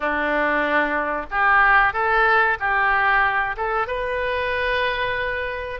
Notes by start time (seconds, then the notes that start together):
0.00 D4
1.30 G4
1.93 A4
2.59 G4
3.56 A4
3.87 B4